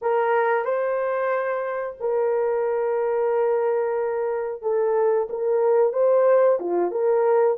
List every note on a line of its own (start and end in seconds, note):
0.01 0.64 A#4
0.64 1.96 C5
2.00 4.62 A#4
4.62 5.27 A4
5.29 5.93 A#4
5.93 6.58 C5
6.59 6.91 F4
6.91 7.57 A#4